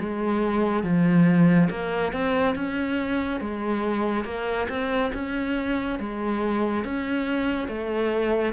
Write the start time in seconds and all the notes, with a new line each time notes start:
0.00 G#3
0.83 F3
1.71 A#3
2.13 C4
2.56 C#4
3.41 G#3
4.25 A#3
4.69 C4
5.14 C#4
6.00 G#3
6.85 C#4
7.68 A3